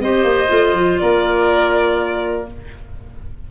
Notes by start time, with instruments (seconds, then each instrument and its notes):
0.00 tuba C4, clarinet G4, oboe C5, violin D#5
0.24 tuba A#3
0.48 tuba A3, clarinet F4
0.73 tuba F3
0.99 tuba A#3, oboe A#4, violin D5